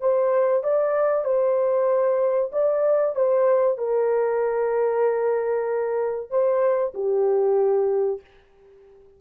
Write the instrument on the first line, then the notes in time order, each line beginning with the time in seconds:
horn
0.00 C5
0.63 D5
1.25 C5
2.52 D5
3.15 C5
3.78 A#4
6.30 C5
6.94 G4